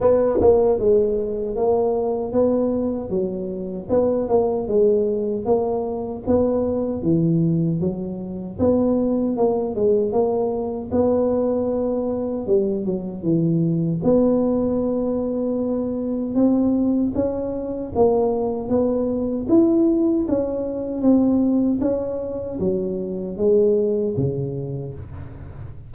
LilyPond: \new Staff \with { instrumentName = "tuba" } { \time 4/4 \tempo 4 = 77 b8 ais8 gis4 ais4 b4 | fis4 b8 ais8 gis4 ais4 | b4 e4 fis4 b4 | ais8 gis8 ais4 b2 |
g8 fis8 e4 b2~ | b4 c'4 cis'4 ais4 | b4 e'4 cis'4 c'4 | cis'4 fis4 gis4 cis4 | }